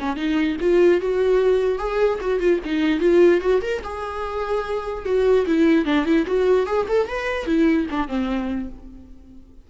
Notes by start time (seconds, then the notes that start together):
0.00 C#4
0.17 D#4
0.61 F4
1.01 F#4
1.79 G#4
2.21 F#4
2.40 F4
2.65 D#4
3.01 F4
3.41 F#4
3.62 A#4
3.84 G#4
5.06 F#4
5.47 E4
5.86 D4
6.06 E4
6.27 F#4
6.67 G#4
6.89 A4
7.08 B4
7.46 E4
7.91 D4
8.08 C4